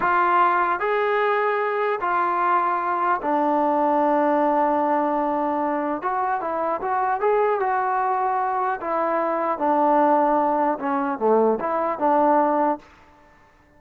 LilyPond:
\new Staff \with { instrumentName = "trombone" } { \time 4/4 \tempo 4 = 150 f'2 gis'2~ | gis'4 f'2. | d'1~ | d'2. fis'4 |
e'4 fis'4 gis'4 fis'4~ | fis'2 e'2 | d'2. cis'4 | a4 e'4 d'2 | }